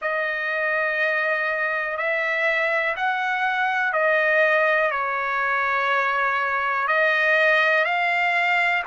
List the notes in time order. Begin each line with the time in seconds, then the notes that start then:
0.01 D#5
1.97 E5
2.96 F#5
3.93 D#5
4.91 C#5
6.87 D#5
7.84 F5